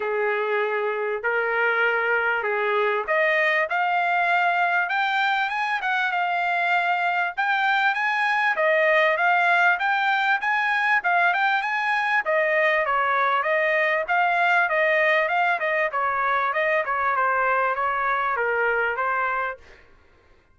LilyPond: \new Staff \with { instrumentName = "trumpet" } { \time 4/4 \tempo 4 = 98 gis'2 ais'2 | gis'4 dis''4 f''2 | g''4 gis''8 fis''8 f''2 | g''4 gis''4 dis''4 f''4 |
g''4 gis''4 f''8 g''8 gis''4 | dis''4 cis''4 dis''4 f''4 | dis''4 f''8 dis''8 cis''4 dis''8 cis''8 | c''4 cis''4 ais'4 c''4 | }